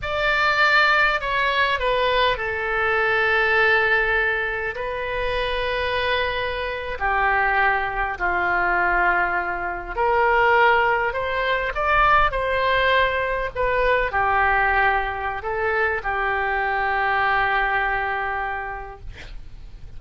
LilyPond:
\new Staff \with { instrumentName = "oboe" } { \time 4/4 \tempo 4 = 101 d''2 cis''4 b'4 | a'1 | b'2.~ b'8. g'16~ | g'4.~ g'16 f'2~ f'16~ |
f'8. ais'2 c''4 d''16~ | d''8. c''2 b'4 g'16~ | g'2 a'4 g'4~ | g'1 | }